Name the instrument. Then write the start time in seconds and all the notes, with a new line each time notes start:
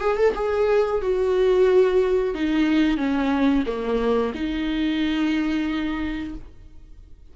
viola
0.00 G#4
0.17 A4
0.35 G#4
1.01 F#4
2.34 D#4
2.97 C#4
3.66 A#3
4.34 D#4